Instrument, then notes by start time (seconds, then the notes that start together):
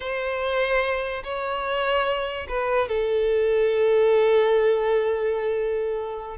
violin
0.00 C5
1.23 C#5
2.48 B4
2.88 A4